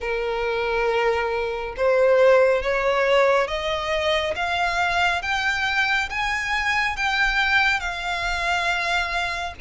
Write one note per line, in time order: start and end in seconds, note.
0.00 1.74 A#4
1.76 2.62 C5
2.62 3.47 C#5
3.47 4.34 D#5
4.35 5.22 F5
5.22 6.09 G5
6.09 6.96 G#5
6.96 7.80 G5
7.80 9.54 F5